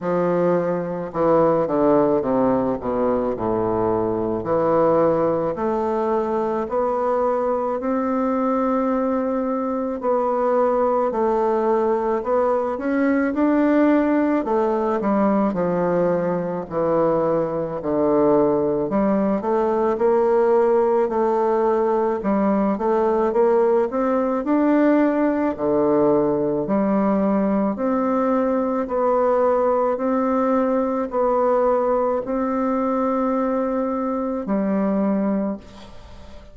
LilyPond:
\new Staff \with { instrumentName = "bassoon" } { \time 4/4 \tempo 4 = 54 f4 e8 d8 c8 b,8 a,4 | e4 a4 b4 c'4~ | c'4 b4 a4 b8 cis'8 | d'4 a8 g8 f4 e4 |
d4 g8 a8 ais4 a4 | g8 a8 ais8 c'8 d'4 d4 | g4 c'4 b4 c'4 | b4 c'2 g4 | }